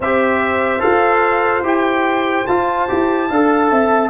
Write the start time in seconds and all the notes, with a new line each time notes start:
0.00 C4 G4 C5 E5
0.79 F4 A4 F5
1.61 E4 G4 G5
2.47 F4 A5
2.88 E4 G4
3.29 D4 A4 F5
3.71 C4 E5